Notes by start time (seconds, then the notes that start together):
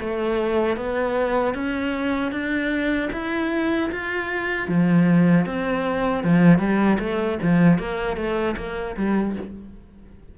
0.00 A3
0.77 B3
1.54 C#4
2.32 D4
3.13 E4
3.92 F4
4.68 F3
5.46 C4
6.24 F3
6.59 G3
7.00 A3
7.42 F3
7.79 A#3
8.17 A3
8.57 A#3
8.97 G3